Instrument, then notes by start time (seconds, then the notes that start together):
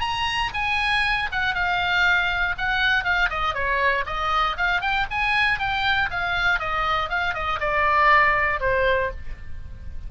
oboe
0.00 A#5
0.54 G#5
1.31 F#5
1.54 F5
2.58 F#5
3.04 F5
3.30 D#5
3.54 C#5
4.06 D#5
4.57 F5
4.81 G5
5.10 G#5
5.59 G5
6.10 F5
6.59 D#5
7.09 F5
7.34 D#5
7.60 D5
8.60 C5